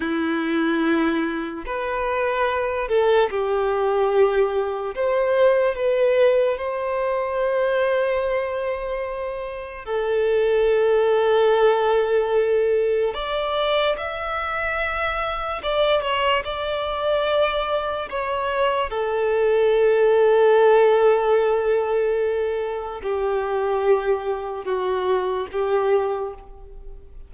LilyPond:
\new Staff \with { instrumentName = "violin" } { \time 4/4 \tempo 4 = 73 e'2 b'4. a'8 | g'2 c''4 b'4 | c''1 | a'1 |
d''4 e''2 d''8 cis''8 | d''2 cis''4 a'4~ | a'1 | g'2 fis'4 g'4 | }